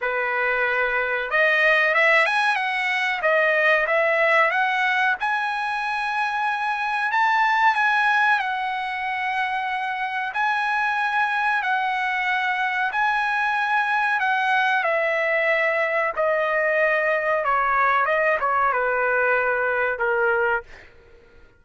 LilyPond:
\new Staff \with { instrumentName = "trumpet" } { \time 4/4 \tempo 4 = 93 b'2 dis''4 e''8 gis''8 | fis''4 dis''4 e''4 fis''4 | gis''2. a''4 | gis''4 fis''2. |
gis''2 fis''2 | gis''2 fis''4 e''4~ | e''4 dis''2 cis''4 | dis''8 cis''8 b'2 ais'4 | }